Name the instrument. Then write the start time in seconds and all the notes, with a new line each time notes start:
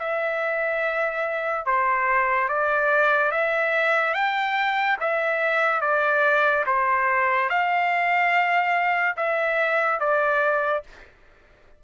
trumpet
0.00 E5
1.66 C5
2.49 D5
3.32 E5
4.14 G5
5.01 E5
5.82 D5
6.67 C5
7.50 F5
9.17 E5
10.00 D5